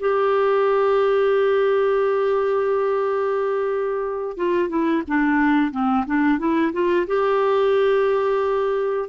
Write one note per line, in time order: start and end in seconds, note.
0.00 4.37 G4
4.37 4.69 F4
4.69 5.03 E4
5.07 5.72 D4
5.72 6.05 C4
6.06 6.39 D4
6.39 6.72 E4
6.73 7.06 F4
7.07 9.09 G4